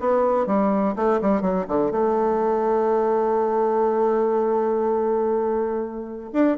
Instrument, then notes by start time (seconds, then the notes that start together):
bassoon
0.00 B3
0.47 G3
0.96 A3
1.21 G3
1.41 F#3
1.68 D3
1.91 A3
6.33 D4